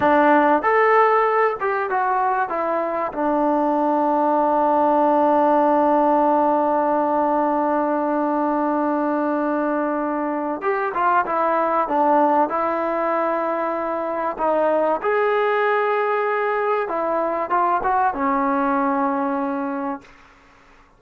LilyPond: \new Staff \with { instrumentName = "trombone" } { \time 4/4 \tempo 4 = 96 d'4 a'4. g'8 fis'4 | e'4 d'2.~ | d'1~ | d'1~ |
d'4 g'8 f'8 e'4 d'4 | e'2. dis'4 | gis'2. e'4 | f'8 fis'8 cis'2. | }